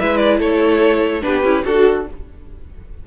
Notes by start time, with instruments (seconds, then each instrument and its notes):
0.00 cello G#3, viola E4, violin B4 E5
0.17 violin D5
0.40 cello A3, violin A4 C#5
1.22 cello B3, viola D4, violin G4 B4
1.44 cello C#4, viola E4
1.65 cello D4, violin F#4 A4, viola F#4